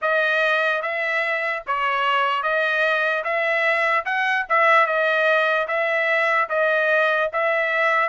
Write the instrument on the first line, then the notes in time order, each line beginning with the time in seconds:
trumpet
0.01 D#5
0.82 E5
1.67 C#5
2.42 D#5
3.24 E5
4.05 F#5
4.49 E5
4.86 D#5
5.68 E5
6.49 D#5
7.32 E5